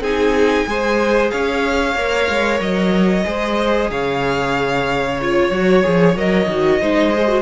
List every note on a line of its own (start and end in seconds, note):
0.00 0.65 C4
0.00 0.66 D#4
0.00 0.66 G#4
0.00 1.30 G#5
0.66 1.31 G#3
0.66 1.95 G#4
0.66 1.31 C5
1.30 1.95 C#4
1.30 3.25 C#5
1.30 2.59 F5
1.95 2.27 A#3
1.95 3.24 A#4
2.29 2.60 G#3
2.60 3.24 F#3
2.60 3.90 D#5
3.24 3.90 G#3
3.24 5.17 G#4
3.24 3.90 C5
3.90 5.50 C#3
3.90 6.81 C#5
3.90 5.20 F5
5.21 5.51 F4
5.21 6.17 C#5
5.50 5.82 F#3
5.50 5.83 F#4
5.83 6.15 F3
5.83 6.15 G#4
6.15 6.47 F#3
6.15 6.48 A#4
6.15 7.42 D#5
6.48 6.80 D#3
6.48 6.80 F#4
6.80 7.42 G#3
6.80 7.13 D#4
6.80 7.42 C5
7.13 7.27 G#4
7.27 7.42 F#4